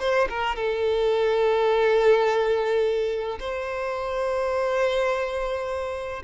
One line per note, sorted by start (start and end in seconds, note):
0.00 0.28 C5
0.29 0.56 A#4
0.56 3.39 A4
3.40 6.23 C5